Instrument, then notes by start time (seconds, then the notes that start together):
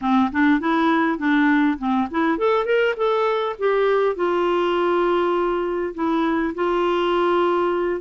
clarinet
0.01 C4
0.32 D4
0.60 E4
1.18 D4
1.78 C4
2.10 E4
2.38 A4
2.65 A#4
2.96 A4
3.59 G4
4.15 F4
5.94 E4
6.54 F4